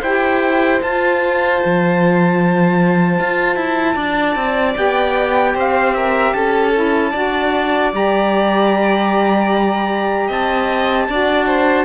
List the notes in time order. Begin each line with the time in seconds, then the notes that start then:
0.00 E4 G4 C5 G5
0.81 F4 A5
1.65 F3
3.19 F4
3.56 E4
3.94 D4 D5
4.35 C4
4.75 B3 G4 G5
5.54 C4 C5 F5
5.94 A#4 E5
6.33 C#4 A4 A5
6.73 E4
7.11 D4 F#4 D5
7.93 G3 G4 A#5
10.27 C4 D#5 A5
11.08 D4 F#4 D5
11.46 C5